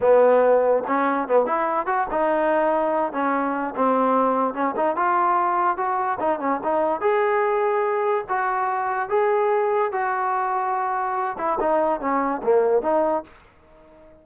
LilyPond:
\new Staff \with { instrumentName = "trombone" } { \time 4/4 \tempo 4 = 145 b2 cis'4 b8 e'8~ | e'8 fis'8 dis'2~ dis'8 cis'8~ | cis'4 c'2 cis'8 dis'8 | f'2 fis'4 dis'8 cis'8 |
dis'4 gis'2. | fis'2 gis'2 | fis'2.~ fis'8 e'8 | dis'4 cis'4 ais4 dis'4 | }